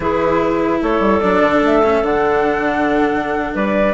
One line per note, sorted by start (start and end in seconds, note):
0.00 0.79 E3
0.00 1.20 E4
0.00 0.81 G#4
0.00 0.80 B4
0.81 0.99 A3
0.81 3.54 A4
0.81 1.20 C#5
0.99 1.19 G3
1.20 1.41 F#3
1.20 1.83 D4
1.20 1.60 D5
1.41 1.61 D3
1.61 2.02 A3
1.61 2.04 E5
1.83 2.04 C#4
2.02 3.54 D3
2.02 3.93 D4
2.02 3.54 F#5
3.54 3.93 G3
3.54 3.93 B4
3.54 3.93 D5